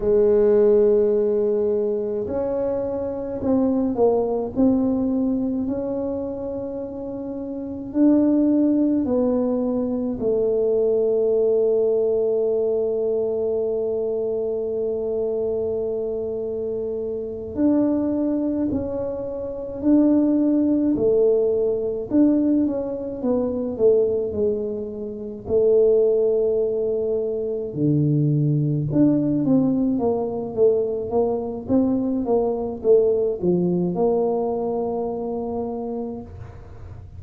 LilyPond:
\new Staff \with { instrumentName = "tuba" } { \time 4/4 \tempo 4 = 53 gis2 cis'4 c'8 ais8 | c'4 cis'2 d'4 | b4 a2.~ | a2.~ a8 d'8~ |
d'8 cis'4 d'4 a4 d'8 | cis'8 b8 a8 gis4 a4.~ | a8 d4 d'8 c'8 ais8 a8 ais8 | c'8 ais8 a8 f8 ais2 | }